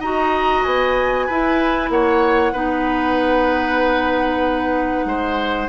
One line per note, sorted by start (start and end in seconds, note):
0.00 0.64 D#4
0.00 1.29 F#4
0.00 1.26 D#5
0.00 0.63 A#5
0.63 1.29 B3
0.63 1.90 G#5
1.26 1.89 E4
1.26 2.53 E4
1.26 1.89 B4
1.89 2.52 A#3
1.89 2.53 C#5
1.89 5.69 F#5
2.53 5.05 B3
2.53 5.69 D#4
2.53 5.05 B4
5.05 5.68 G#3
5.05 5.69 C5